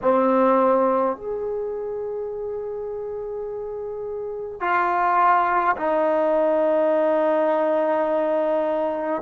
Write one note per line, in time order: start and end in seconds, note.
0.02 1.16 C4
1.16 4.60 G#4
4.60 5.75 F4
5.76 9.22 D#4